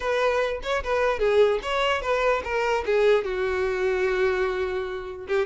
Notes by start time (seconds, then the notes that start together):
0.00 B4
0.62 C#5
0.83 B4
1.19 G#4
1.62 C#5
2.01 B4
2.44 A#4
2.85 G#4
3.24 F#4
5.27 G4